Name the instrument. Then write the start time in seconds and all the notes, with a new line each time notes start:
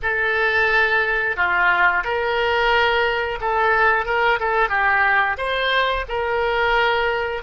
oboe
0.02 A4
1.36 F4
2.04 A#4
3.40 A4
4.05 A#4
4.39 A4
4.69 G4
5.37 C5
6.08 A#4